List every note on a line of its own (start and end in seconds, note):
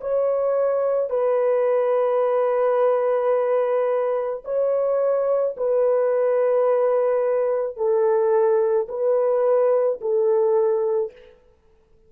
0.00 1.10 C#5
1.10 4.43 B4
4.44 5.55 C#5
5.57 7.76 B4
7.76 8.87 A4
8.88 9.99 B4
10.01 11.12 A4